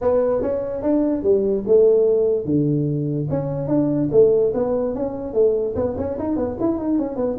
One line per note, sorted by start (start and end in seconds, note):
0.01 0.41 B3
0.41 0.82 C#4
0.82 1.22 D4
1.22 1.63 G3
1.67 2.45 A3
2.45 3.27 D3
3.30 3.67 C#4
3.67 4.08 D4
4.11 4.52 A3
4.54 4.94 B3
4.94 5.33 C#4
5.33 5.74 A3
5.75 5.96 B3
5.97 6.18 C#4
6.18 6.36 D#4
6.36 6.57 B3
6.60 6.78 E4
6.78 6.98 D#4
6.98 7.16 C#4
7.16 7.36 B3